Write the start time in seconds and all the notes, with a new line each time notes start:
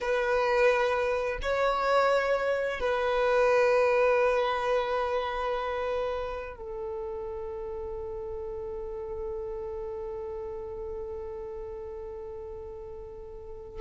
0.00 B4
1.42 C#5
2.80 B4
6.56 A4